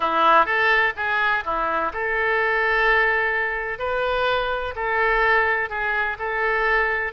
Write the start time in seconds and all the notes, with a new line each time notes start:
0.00 E4
0.45 A4
0.96 G#4
1.45 E4
1.93 A4
3.79 B4
4.75 A4
5.69 G#4
6.19 A4